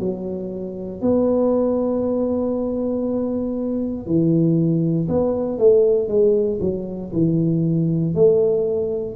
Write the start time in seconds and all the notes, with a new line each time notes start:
0.00 F#3
1.02 B3
4.06 E3
5.08 B3
5.58 A3
6.08 G#3
6.61 F#3
7.13 E3
8.15 A3